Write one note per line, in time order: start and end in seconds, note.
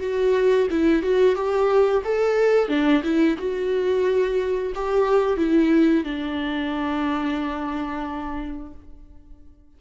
0.00 0.67 F#4
0.70 1.02 E4
1.02 1.35 F#4
1.35 2.03 G4
2.04 2.68 A4
2.68 3.02 D4
3.03 3.37 E4
3.38 4.73 F#4
4.75 5.37 G4
5.37 6.04 E4
6.04 8.73 D4